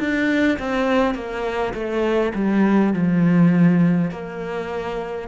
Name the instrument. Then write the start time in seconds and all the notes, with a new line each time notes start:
cello
0.00 D4
0.59 C4
1.15 A#3
1.74 A3
2.35 G3
2.94 F3
4.12 A#3